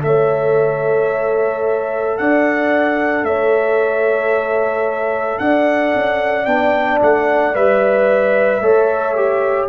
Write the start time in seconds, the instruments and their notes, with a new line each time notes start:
0.00 tuba A3, trombone A4, trumpet E5
0.06 horn C#5
2.18 tuba D4, horn D5, trumpet F#5
3.23 tuba A3, horn C#5, trumpet E5
5.39 tuba D4, horn D5, trumpet F#5
5.95 tuba C#4
6.45 tuba B3, trombone D4, trumpet G5
7.01 tuba A3, trumpet F#5
7.54 tuba G3, trombone B4, trumpet E5
8.60 tuba A3, trombone A4, horn C#5
9.16 trombone G4